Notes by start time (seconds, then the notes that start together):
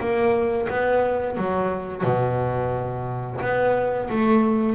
0.00 A#3
0.69 B3
1.37 F#3
2.04 B2
3.41 B3
4.10 A3